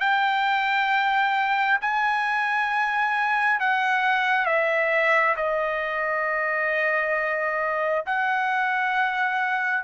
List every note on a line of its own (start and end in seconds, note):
0.00 1.79 G5
1.82 3.60 G#5
3.60 4.46 F#5
4.46 5.35 E5
5.36 8.05 D#5
8.06 9.84 F#5